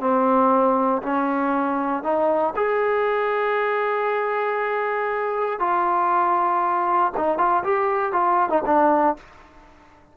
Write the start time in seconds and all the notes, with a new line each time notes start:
0.00 C4
1.02 C#4
2.03 D#4
2.56 G#4
5.59 F4
7.16 D#4
7.38 F4
7.63 G4
8.12 F4
8.49 D#4
8.65 D4